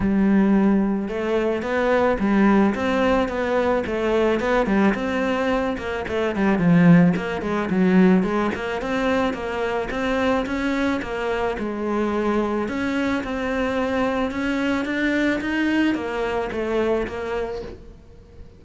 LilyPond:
\new Staff \with { instrumentName = "cello" } { \time 4/4 \tempo 4 = 109 g2 a4 b4 | g4 c'4 b4 a4 | b8 g8 c'4. ais8 a8 g8 | f4 ais8 gis8 fis4 gis8 ais8 |
c'4 ais4 c'4 cis'4 | ais4 gis2 cis'4 | c'2 cis'4 d'4 | dis'4 ais4 a4 ais4 | }